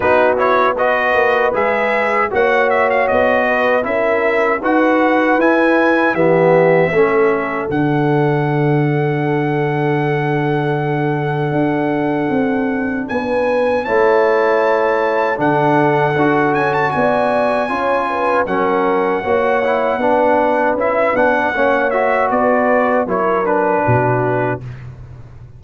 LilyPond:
<<
  \new Staff \with { instrumentName = "trumpet" } { \time 4/4 \tempo 4 = 78 b'8 cis''8 dis''4 e''4 fis''8 e''16 f''16 | dis''4 e''4 fis''4 gis''4 | e''2 fis''2~ | fis''1~ |
fis''4 gis''4 a''2 | fis''4. gis''16 a''16 gis''2 | fis''2. e''8 fis''8~ | fis''8 e''8 d''4 cis''8 b'4. | }
  \new Staff \with { instrumentName = "horn" } { \time 4/4 fis'4 b'2 cis''4~ | cis''8 b'8 ais'4 b'2 | g'4 a'2.~ | a'1~ |
a'4 b'4 cis''2 | a'2 d''4 cis''8 b'8 | ais'4 cis''4 b'2 | cis''4 b'4 ais'4 fis'4 | }
  \new Staff \with { instrumentName = "trombone" } { \time 4/4 dis'8 e'8 fis'4 gis'4 fis'4~ | fis'4 e'4 fis'4 e'4 | b4 cis'4 d'2~ | d'1~ |
d'2 e'2 | d'4 fis'2 f'4 | cis'4 fis'8 e'8 d'4 e'8 d'8 | cis'8 fis'4. e'8 d'4. | }
  \new Staff \with { instrumentName = "tuba" } { \time 4/4 b4. ais8 gis4 ais4 | b4 cis'4 dis'4 e'4 | e4 a4 d2~ | d2. d'4 |
c'4 b4 a2 | d4 d'8 cis'8 b4 cis'4 | fis4 ais4 b4 cis'8 b8 | ais4 b4 fis4 b,4 | }
>>